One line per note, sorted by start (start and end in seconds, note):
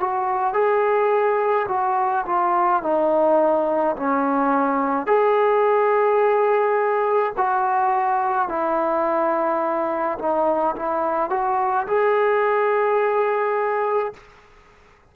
0.00 0.54 F#4
0.54 1.67 G#4
1.68 2.25 F#4
2.26 2.83 F4
2.83 3.96 D#4
3.96 5.07 C#4
5.07 7.33 G#4
7.37 8.49 F#4
8.49 10.18 E4
10.19 10.75 D#4
10.76 11.30 E4
11.30 11.87 F#4
11.87 14.14 G#4